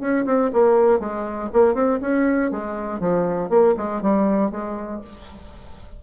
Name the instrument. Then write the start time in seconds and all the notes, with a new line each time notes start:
bassoon
0.00 C#4
0.25 C4
0.53 A#3
0.99 G#3
1.53 A#3
1.74 C4
2.01 C#4
2.51 G#3
3.00 F3
3.50 A#3
3.77 G#3
4.02 G3
4.51 G#3